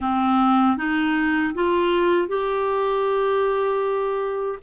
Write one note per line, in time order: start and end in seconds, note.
0.00 0.77 C4
0.77 1.54 D#4
1.54 2.28 F4
2.28 4.58 G4